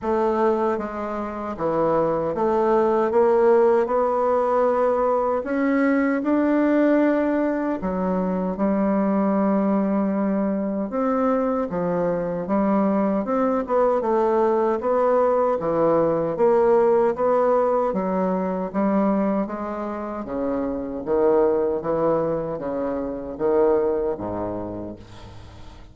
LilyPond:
\new Staff \with { instrumentName = "bassoon" } { \time 4/4 \tempo 4 = 77 a4 gis4 e4 a4 | ais4 b2 cis'4 | d'2 fis4 g4~ | g2 c'4 f4 |
g4 c'8 b8 a4 b4 | e4 ais4 b4 fis4 | g4 gis4 cis4 dis4 | e4 cis4 dis4 gis,4 | }